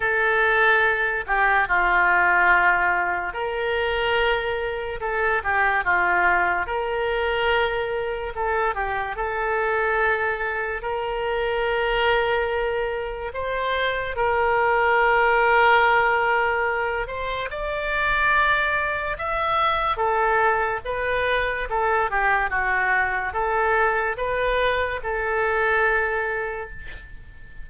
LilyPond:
\new Staff \with { instrumentName = "oboe" } { \time 4/4 \tempo 4 = 72 a'4. g'8 f'2 | ais'2 a'8 g'8 f'4 | ais'2 a'8 g'8 a'4~ | a'4 ais'2. |
c''4 ais'2.~ | ais'8 c''8 d''2 e''4 | a'4 b'4 a'8 g'8 fis'4 | a'4 b'4 a'2 | }